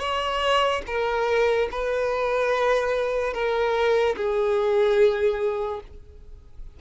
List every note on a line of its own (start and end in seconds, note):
0.00 0.82 C#5
0.87 1.69 A#4
1.71 3.34 B4
3.34 4.16 A#4
4.17 5.81 G#4